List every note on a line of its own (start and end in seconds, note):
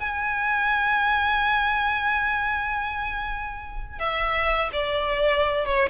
0.00 3.99 G#5
3.99 4.70 E5
4.73 5.65 D5
5.65 5.89 C#5